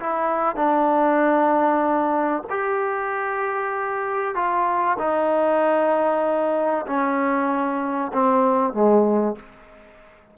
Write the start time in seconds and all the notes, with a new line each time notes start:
0.00 E4
0.56 D4
2.50 G4
4.35 F4
4.99 D#4
6.87 C#4
8.13 C4
8.73 G#3